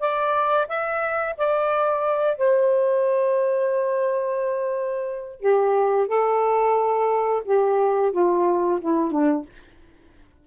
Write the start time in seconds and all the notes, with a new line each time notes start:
0.00 D5
0.68 E5
1.37 D5
2.37 C5
5.41 G4
6.08 A4
7.45 G4
8.12 F4
8.81 E4
9.11 D4